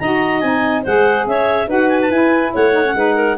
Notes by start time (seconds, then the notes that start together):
0.00 D#4 F#4 D#5 A#5
0.41 C4 D#4 G#5
0.83 G#3 G#4 C5 F#5
1.27 C#4 C#5 E5
1.68 D#4 F#4 B4 F#5
1.90 G#5
2.02 A5
2.11 E4 G#5
2.54 A3 C#5 F#5
2.73 D#4
2.85 C#4
2.95 G#3 D#4 B4
3.16 A#4